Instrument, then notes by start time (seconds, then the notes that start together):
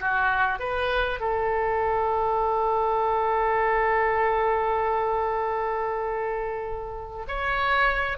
oboe
0.00 F#4
0.59 B4
1.20 A4
7.28 C#5